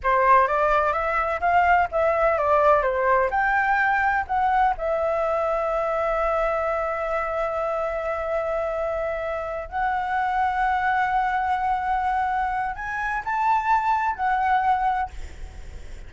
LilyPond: \new Staff \with { instrumentName = "flute" } { \time 4/4 \tempo 4 = 127 c''4 d''4 e''4 f''4 | e''4 d''4 c''4 g''4~ | g''4 fis''4 e''2~ | e''1~ |
e''1~ | e''8 fis''2.~ fis''8~ | fis''2. gis''4 | a''2 fis''2 | }